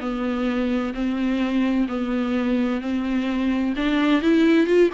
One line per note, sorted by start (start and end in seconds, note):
0.00 0.93 B3
0.93 1.86 C4
1.88 2.80 B3
2.80 3.73 C4
3.76 4.21 D4
4.21 4.66 E4
4.66 4.89 F4